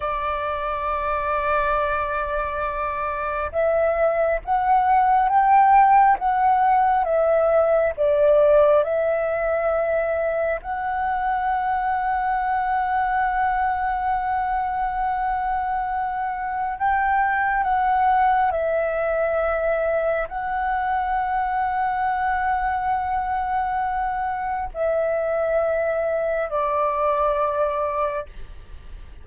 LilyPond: \new Staff \with { instrumentName = "flute" } { \time 4/4 \tempo 4 = 68 d''1 | e''4 fis''4 g''4 fis''4 | e''4 d''4 e''2 | fis''1~ |
fis''2. g''4 | fis''4 e''2 fis''4~ | fis''1 | e''2 d''2 | }